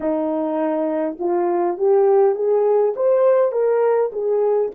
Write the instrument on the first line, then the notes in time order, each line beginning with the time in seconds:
horn
0.00 D#4
1.19 F4
1.77 G4
2.35 G#4
2.96 C5
3.52 A#4
4.12 G#4